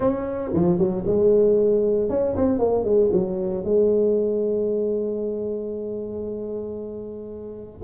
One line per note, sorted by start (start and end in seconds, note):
0.00 0.52 C#4
0.53 0.78 F3
0.78 1.04 F#3
1.06 2.09 G#3
2.09 2.35 C#4
2.36 2.58 C4
2.58 2.84 A#3
2.84 3.10 G#3
3.12 3.64 F#3
3.64 7.81 G#3